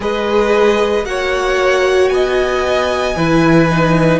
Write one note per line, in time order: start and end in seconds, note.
0.00 1.04 G#3
0.00 1.04 G#4
0.00 1.06 B4
0.00 1.05 D#5
1.04 2.10 A#3
1.04 3.15 F#4
1.04 2.14 C#5
1.04 2.08 F#5
2.08 3.15 B3
2.08 3.16 D#5
2.08 4.19 G#5
3.16 4.19 E3
3.16 3.69 E4
3.16 4.19 B4
3.69 4.19 D#4